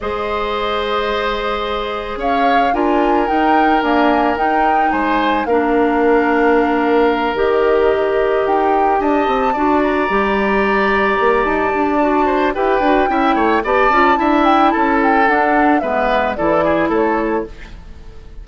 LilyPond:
<<
  \new Staff \with { instrumentName = "flute" } { \time 4/4 \tempo 4 = 110 dis''1 | f''4 gis''4 g''4 gis''4 | g''4 gis''4 f''2~ | f''4. dis''2 g''8~ |
g''8 a''4. ais''2~ | ais''4 a''2 g''4~ | g''4 a''4. g''8 a''8 g''8 | fis''4 e''4 d''4 cis''4 | }
  \new Staff \with { instrumentName = "oboe" } { \time 4/4 c''1 | cis''4 ais'2.~ | ais'4 c''4 ais'2~ | ais'1~ |
ais'8 dis''4 d''2~ d''8~ | d''2~ d''8 c''8 b'4 | e''8 cis''8 d''4 e''4 a'4~ | a'4 b'4 a'8 gis'8 a'4 | }
  \new Staff \with { instrumentName = "clarinet" } { \time 4/4 gis'1~ | gis'4 f'4 dis'4 ais4 | dis'2 d'2~ | d'4. g'2~ g'8~ |
g'4. fis'4 g'4.~ | g'2 fis'4 g'8 fis'8 | e'4 g'8 f'8 e'2 | d'4 b4 e'2 | }
  \new Staff \with { instrumentName = "bassoon" } { \time 4/4 gis1 | cis'4 d'4 dis'4 d'4 | dis'4 gis4 ais2~ | ais4. dis2 dis'8~ |
dis'8 d'8 c'8 d'4 g4.~ | g8 ais8 dis'8 d'4. e'8 d'8 | cis'8 a8 b8 cis'8 d'4 cis'4 | d'4 gis4 e4 a4 | }
>>